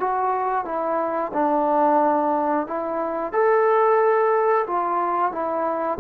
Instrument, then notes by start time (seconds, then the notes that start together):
trombone
0.00 F#4
0.65 E4
1.34 D4
2.67 E4
3.33 A4
4.67 F4
5.32 E4